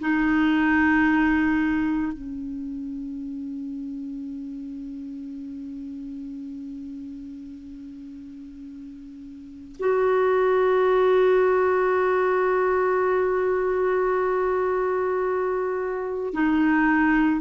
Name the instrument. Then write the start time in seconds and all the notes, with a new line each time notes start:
clarinet
0.00 D#4
2.13 C#4
9.79 F#4
16.33 D#4